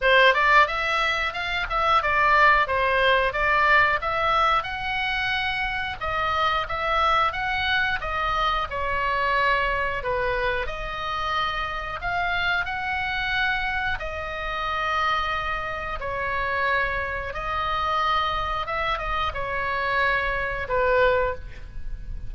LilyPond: \new Staff \with { instrumentName = "oboe" } { \time 4/4 \tempo 4 = 90 c''8 d''8 e''4 f''8 e''8 d''4 | c''4 d''4 e''4 fis''4~ | fis''4 dis''4 e''4 fis''4 | dis''4 cis''2 b'4 |
dis''2 f''4 fis''4~ | fis''4 dis''2. | cis''2 dis''2 | e''8 dis''8 cis''2 b'4 | }